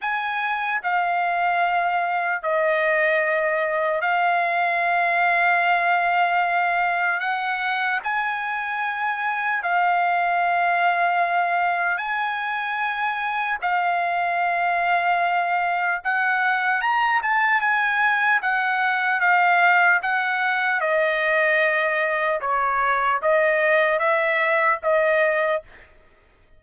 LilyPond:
\new Staff \with { instrumentName = "trumpet" } { \time 4/4 \tempo 4 = 75 gis''4 f''2 dis''4~ | dis''4 f''2.~ | f''4 fis''4 gis''2 | f''2. gis''4~ |
gis''4 f''2. | fis''4 ais''8 a''8 gis''4 fis''4 | f''4 fis''4 dis''2 | cis''4 dis''4 e''4 dis''4 | }